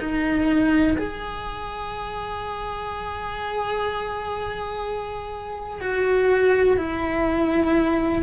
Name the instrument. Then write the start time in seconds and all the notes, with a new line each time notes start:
cello
0.00 D#4
0.98 G#4
5.81 F#4
6.77 E4